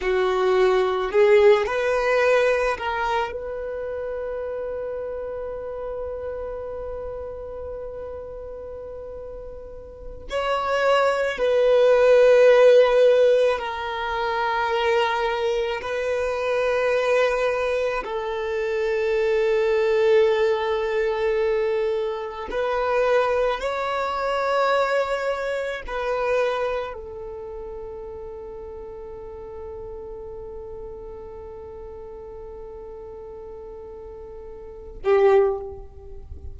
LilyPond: \new Staff \with { instrumentName = "violin" } { \time 4/4 \tempo 4 = 54 fis'4 gis'8 b'4 ais'8 b'4~ | b'1~ | b'4~ b'16 cis''4 b'4.~ b'16~ | b'16 ais'2 b'4.~ b'16~ |
b'16 a'2.~ a'8.~ | a'16 b'4 cis''2 b'8.~ | b'16 a'2.~ a'8.~ | a'2.~ a'8 g'8 | }